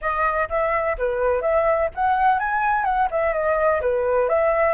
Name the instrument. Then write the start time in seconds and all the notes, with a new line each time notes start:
flute
0.01 D#5
0.49 E5
0.98 B4
1.41 E5
1.94 F#5
2.39 G#5
2.84 F#5
3.10 E5
3.33 D#5
3.81 B4
4.28 E5